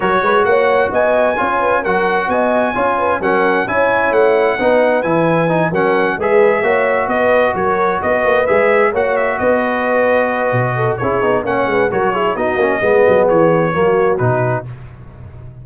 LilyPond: <<
  \new Staff \with { instrumentName = "trumpet" } { \time 4/4 \tempo 4 = 131 cis''4 fis''4 gis''2 | fis''4 gis''2 fis''4 | gis''4 fis''2 gis''4~ | gis''8 fis''4 e''2 dis''8~ |
dis''8 cis''4 dis''4 e''4 fis''8 | e''8 dis''2.~ dis''8 | cis''4 fis''4 cis''4 dis''4~ | dis''4 cis''2 b'4 | }
  \new Staff \with { instrumentName = "horn" } { \time 4/4 ais'8 b'8 cis''4 dis''4 cis''8 b'8 | ais'4 dis''4 cis''8 b'8 ais'4 | cis''2 b'2~ | b'8 ais'4 b'4 cis''4 b'8~ |
b'8 ais'4 b'2 cis''8~ | cis''8 b'2. a'8 | gis'4 cis''8 b'8 ais'8 gis'8 fis'4 | gis'2 fis'2 | }
  \new Staff \with { instrumentName = "trombone" } { \time 4/4 fis'2. f'4 | fis'2 f'4 cis'4 | e'2 dis'4 e'4 | dis'8 cis'4 gis'4 fis'4.~ |
fis'2~ fis'8 gis'4 fis'8~ | fis'1 | e'8 dis'8 cis'4 fis'8 e'8 dis'8 cis'8 | b2 ais4 dis'4 | }
  \new Staff \with { instrumentName = "tuba" } { \time 4/4 fis8 gis8 ais4 b4 cis'4 | fis4 b4 cis'4 fis4 | cis'4 a4 b4 e4~ | e8 fis4 gis4 ais4 b8~ |
b8 fis4 b8 ais8 gis4 ais8~ | ais8 b2~ b8 b,4 | cis'8 b8 ais8 gis8 fis4 b8 ais8 | gis8 fis8 e4 fis4 b,4 | }
>>